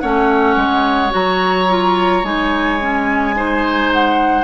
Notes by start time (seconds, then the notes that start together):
0.00 A3 C#4 C#5 F#5
0.56 G#3
1.10 F#3 F#4 A#5
1.69 F4
2.23 G#3 D#4 G#5
2.80 C#4
3.35 D#4 C5
3.92 F#5